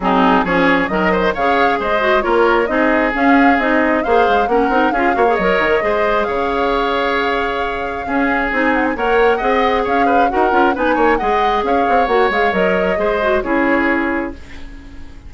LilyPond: <<
  \new Staff \with { instrumentName = "flute" } { \time 4/4 \tempo 4 = 134 gis'4 cis''4 dis''4 f''4 | dis''4 cis''4 dis''4 f''4 | dis''4 f''4 fis''4 f''4 | dis''2 f''2~ |
f''2. gis''8 fis''16 gis''16 | fis''2 f''4 fis''4 | gis''4 fis''4 f''4 fis''8 f''8 | dis''2 cis''2 | }
  \new Staff \with { instrumentName = "oboe" } { \time 4/4 dis'4 gis'4 ais'8 c''8 cis''4 | c''4 ais'4 gis'2~ | gis'4 c''4 ais'4 gis'8 cis''8~ | cis''4 c''4 cis''2~ |
cis''2 gis'2 | cis''4 dis''4 cis''8 b'8 ais'4 | b'8 cis''8 dis''4 cis''2~ | cis''4 c''4 gis'2 | }
  \new Staff \with { instrumentName = "clarinet" } { \time 4/4 c'4 cis'4 fis4 gis'4~ | gis'8 fis'8 f'4 dis'4 cis'4 | dis'4 gis'4 cis'8 dis'8 f'8 fis'16 gis'16 | ais'4 gis'2.~ |
gis'2 cis'4 dis'4 | ais'4 gis'2 fis'8 f'8 | dis'4 gis'2 fis'8 gis'8 | ais'4 gis'8 fis'8 e'2 | }
  \new Staff \with { instrumentName = "bassoon" } { \time 4/4 fis4 f4 dis4 cis4 | gis4 ais4 c'4 cis'4 | c'4 ais8 gis8 ais8 c'8 cis'8 ais8 | fis8 dis8 gis4 cis2~ |
cis2 cis'4 c'4 | ais4 c'4 cis'4 dis'8 cis'8 | b8 ais8 gis4 cis'8 c'8 ais8 gis8 | fis4 gis4 cis'2 | }
>>